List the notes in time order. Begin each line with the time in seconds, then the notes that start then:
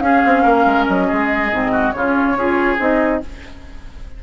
0.00 C#4 G#4 F5
0.25 C4
0.43 A#3 A#4
0.66 G#3
0.87 F#3 D#5
1.08 G#3 G#4
1.52 G#2 C4
1.72 F#4
1.92 C#3 C#4 F4 C#5
2.34 C#4 F4 G#4
2.78 C4 D#4 D#5